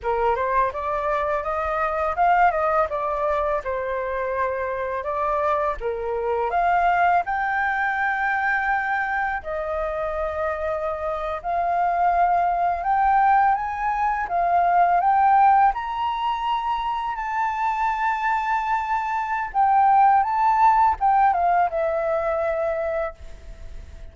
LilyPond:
\new Staff \with { instrumentName = "flute" } { \time 4/4 \tempo 4 = 83 ais'8 c''8 d''4 dis''4 f''8 dis''8 | d''4 c''2 d''4 | ais'4 f''4 g''2~ | g''4 dis''2~ dis''8. f''16~ |
f''4.~ f''16 g''4 gis''4 f''16~ | f''8. g''4 ais''2 a''16~ | a''2. g''4 | a''4 g''8 f''8 e''2 | }